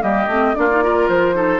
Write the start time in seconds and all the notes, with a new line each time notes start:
0.00 G3 A#3 G4 D#5
0.27 A3 C4
0.55 A#3 D4 F4 D5
0.69 D#4
0.82 F4 A#4
1.08 F3 C5
1.33 D#4 A4